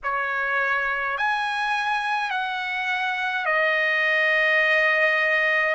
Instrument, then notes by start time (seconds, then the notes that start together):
trumpet
0.03 C#5
1.17 G#5
2.30 F#5
3.45 D#5